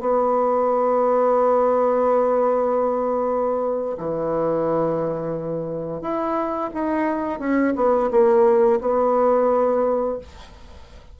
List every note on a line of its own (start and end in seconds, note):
0.00 3.97 B3
3.98 6.01 E3
6.01 6.70 E4
6.73 7.39 D#4
7.39 7.74 C#4
7.76 8.10 B3
8.11 8.80 A#3
8.81 10.18 B3